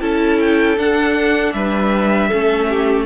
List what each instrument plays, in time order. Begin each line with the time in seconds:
0.00 cello C#4, viola E4, violin A4 A5
0.39 violin G5
0.77 cello D4, viola D4, violin F#5
1.52 cello G3, violin B4 E5
2.28 cello A3, viola C#4, violin A4
2.69 violin G4